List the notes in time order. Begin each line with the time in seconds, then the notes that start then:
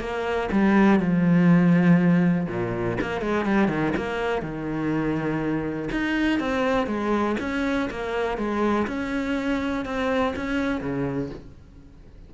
0.00 A#3
0.51 G3
0.99 F3
2.48 A#2
3.01 A#3
3.21 G#3
3.45 G3
3.68 D#3
3.97 A#3
4.42 D#3
5.92 D#4
6.40 C4
6.87 G#3
7.40 C#4
7.90 A#3
8.37 G#3
8.87 C#4
9.85 C4
10.36 C#4
10.80 C#3